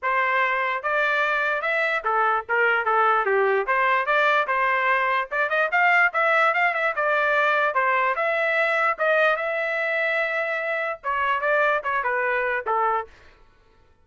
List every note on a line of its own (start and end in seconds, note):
0.02 0.83 C5
0.83 1.61 D5
1.61 2.02 E5
2.04 2.45 A4
2.49 2.85 A#4
2.85 3.25 A4
3.25 3.66 G4
3.66 4.06 C5
4.06 4.47 D5
4.47 5.28 C5
5.31 5.49 D5
5.49 5.70 D#5
5.71 6.12 F5
6.13 6.54 E5
6.54 6.74 F5
6.74 6.94 E5
6.95 7.74 D5
7.74 8.15 C5
8.15 8.97 E5
8.98 9.36 D#5
9.36 10.99 E5
11.03 11.40 C#5
11.40 11.81 D5
11.83 12.03 C#5
12.03 12.64 B4
12.66 13.07 A4